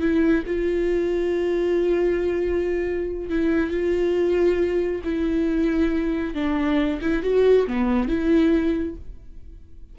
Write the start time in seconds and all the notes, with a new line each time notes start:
0.00 E4
0.46 F4
3.30 E4
3.70 F4
5.04 E4
6.34 D4
7.01 E4
7.23 F#4
7.67 B3
8.08 E4